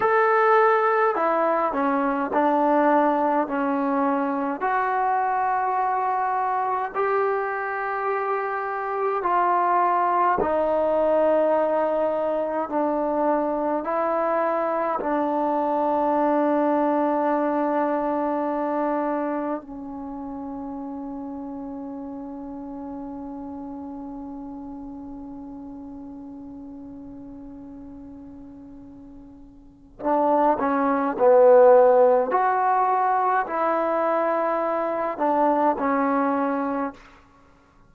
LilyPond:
\new Staff \with { instrumentName = "trombone" } { \time 4/4 \tempo 4 = 52 a'4 e'8 cis'8 d'4 cis'4 | fis'2 g'2 | f'4 dis'2 d'4 | e'4 d'2.~ |
d'4 cis'2.~ | cis'1~ | cis'2 d'8 cis'8 b4 | fis'4 e'4. d'8 cis'4 | }